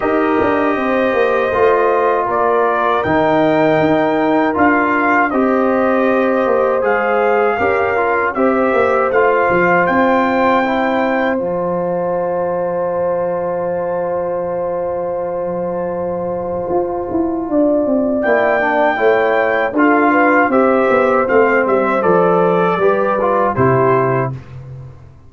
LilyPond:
<<
  \new Staff \with { instrumentName = "trumpet" } { \time 4/4 \tempo 4 = 79 dis''2. d''4 | g''2 f''4 dis''4~ | dis''4 f''2 e''4 | f''4 g''2 a''4~ |
a''1~ | a''1 | g''2 f''4 e''4 | f''8 e''8 d''2 c''4 | }
  \new Staff \with { instrumentName = "horn" } { \time 4/4 ais'4 c''2 ais'4~ | ais'2. c''4~ | c''2 ais'4 c''4~ | c''1~ |
c''1~ | c''2. d''4~ | d''4 cis''4 a'8 b'8 c''4~ | c''2 b'4 g'4 | }
  \new Staff \with { instrumentName = "trombone" } { \time 4/4 g'2 f'2 | dis'2 f'4 g'4~ | g'4 gis'4 g'8 f'8 g'4 | f'2 e'4 f'4~ |
f'1~ | f'1 | e'8 d'8 e'4 f'4 g'4 | c'4 a'4 g'8 f'8 e'4 | }
  \new Staff \with { instrumentName = "tuba" } { \time 4/4 dis'8 d'8 c'8 ais8 a4 ais4 | dis4 dis'4 d'4 c'4~ | c'8 ais8 gis4 cis'4 c'8 ais8 | a8 f8 c'2 f4~ |
f1~ | f2 f'8 e'8 d'8 c'8 | ais4 a4 d'4 c'8 b8 | a8 g8 f4 g4 c4 | }
>>